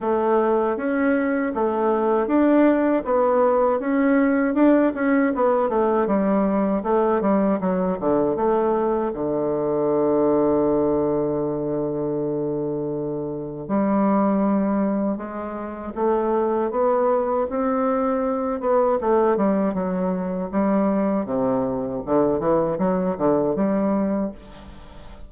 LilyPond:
\new Staff \with { instrumentName = "bassoon" } { \time 4/4 \tempo 4 = 79 a4 cis'4 a4 d'4 | b4 cis'4 d'8 cis'8 b8 a8 | g4 a8 g8 fis8 d8 a4 | d1~ |
d2 g2 | gis4 a4 b4 c'4~ | c'8 b8 a8 g8 fis4 g4 | c4 d8 e8 fis8 d8 g4 | }